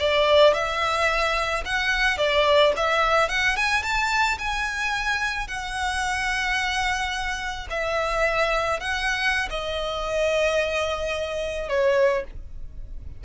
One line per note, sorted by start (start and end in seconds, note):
0.00 0.54 D5
0.54 1.64 E5
1.65 2.18 F#5
2.18 2.73 D5
2.76 3.29 E5
3.29 3.56 F#5
3.57 3.83 G#5
3.83 4.38 A5
4.38 5.48 G#5
5.48 7.68 F#5
7.70 8.80 E5
8.80 9.49 F#5
9.50 11.69 D#5
11.69 12.24 C#5